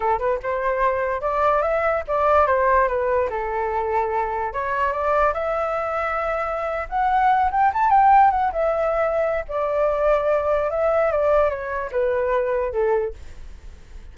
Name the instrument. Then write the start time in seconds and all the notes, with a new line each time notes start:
flute
0.00 A4
0.18 B4
0.42 C5
1.21 D5
1.62 E5
2.07 D5
2.46 C5
2.88 B4
3.30 A4
4.53 C#5
4.92 D5
5.33 E5
6.89 F#5
7.51 G5
7.73 A5
7.90 G5
8.31 F#5
8.52 E5
9.48 D5
10.70 E5
11.11 D5
11.49 C#5
11.91 B4
12.72 A4